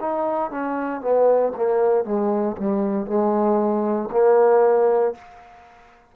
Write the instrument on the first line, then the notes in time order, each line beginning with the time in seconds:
trombone
0.00 D#4
0.51 C#4
1.01 B3
1.56 A#3
2.05 G#3
2.57 G3
3.06 G#3
4.11 A#3